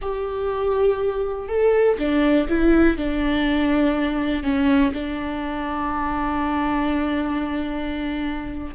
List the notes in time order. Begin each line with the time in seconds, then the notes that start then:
0.01 G4
1.48 A4
1.98 D4
2.48 E4
2.97 D4
4.43 C#4
4.93 D4